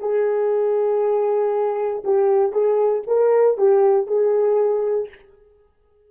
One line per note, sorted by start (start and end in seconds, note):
0.00 2.03 G#4
2.05 2.52 G4
2.52 3.03 G#4
3.07 3.58 A#4
3.58 4.07 G4
4.07 5.09 G#4